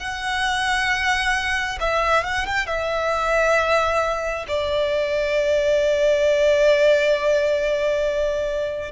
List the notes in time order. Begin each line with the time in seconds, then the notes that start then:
0.00 F#5
1.81 E5
2.24 F#5
2.46 G5
2.67 E5
4.48 D5